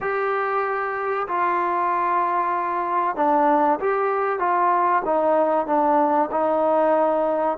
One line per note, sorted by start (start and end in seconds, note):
0.01 1.27 G4
1.27 3.16 F4
3.16 3.79 D4
3.80 4.39 G4
4.39 5.02 F4
5.05 5.66 D#4
5.66 6.29 D4
6.31 7.57 D#4